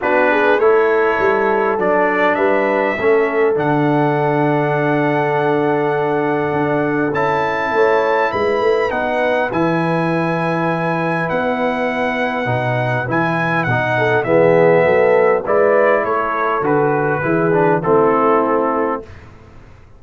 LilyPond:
<<
  \new Staff \with { instrumentName = "trumpet" } { \time 4/4 \tempo 4 = 101 b'4 cis''2 d''4 | e''2 fis''2~ | fis''1 | a''2 b''4 fis''4 |
gis''2. fis''4~ | fis''2 gis''4 fis''4 | e''2 d''4 cis''4 | b'2 a'2 | }
  \new Staff \with { instrumentName = "horn" } { \time 4/4 fis'8 gis'8 a'2. | b'4 a'2.~ | a'1~ | a'4 cis''4 b'2~ |
b'1~ | b'2.~ b'8 a'8 | gis'4 a'4 b'4 a'4~ | a'4 gis'4 e'2 | }
  \new Staff \with { instrumentName = "trombone" } { \time 4/4 d'4 e'2 d'4~ | d'4 cis'4 d'2~ | d'1 | e'2. dis'4 |
e'1~ | e'4 dis'4 e'4 dis'4 | b2 e'2 | fis'4 e'8 d'8 c'2 | }
  \new Staff \with { instrumentName = "tuba" } { \time 4/4 b4 a4 g4 fis4 | g4 a4 d2~ | d2. d'4 | cis'4 a4 gis8 a8 b4 |
e2. b4~ | b4 b,4 e4 b,4 | e4 fis4 gis4 a4 | d4 e4 a2 | }
>>